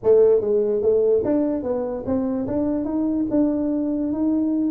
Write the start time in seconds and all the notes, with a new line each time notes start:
0.03 A3
0.40 G#3
0.82 A3
1.24 D4
1.63 B3
2.05 C4
2.47 D4
2.84 D#4
3.30 D4
4.12 D#4